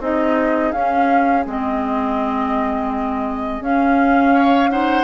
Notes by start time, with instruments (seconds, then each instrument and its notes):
0.00 bassoon C4, clarinet D#4, oboe G#4, flute D#5
0.72 bassoon C#4, clarinet C#4, flute F5
1.46 bassoon G#3, clarinet C4, flute D#5
3.60 bassoon C#4, clarinet C#4, flute F5
4.34 oboe C#5
4.70 clarinet D#4, oboe C5, flute F#5